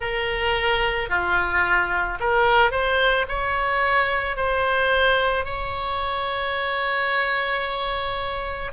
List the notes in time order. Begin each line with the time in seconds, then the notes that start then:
0.00 A#4
1.09 F4
2.20 A#4
2.71 C5
3.28 C#5
4.36 C5
5.44 C#5